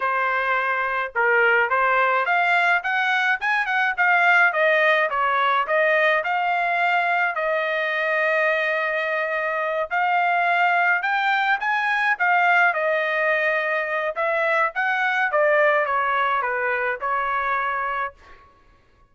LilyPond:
\new Staff \with { instrumentName = "trumpet" } { \time 4/4 \tempo 4 = 106 c''2 ais'4 c''4 | f''4 fis''4 gis''8 fis''8 f''4 | dis''4 cis''4 dis''4 f''4~ | f''4 dis''2.~ |
dis''4. f''2 g''8~ | g''8 gis''4 f''4 dis''4.~ | dis''4 e''4 fis''4 d''4 | cis''4 b'4 cis''2 | }